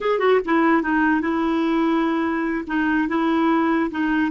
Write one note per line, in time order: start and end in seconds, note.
0.01 0.19 G#4
0.19 0.39 F#4
0.45 0.82 E4
0.82 1.21 D#4
1.21 2.65 E4
2.67 3.08 D#4
3.08 3.90 E4
3.90 4.31 D#4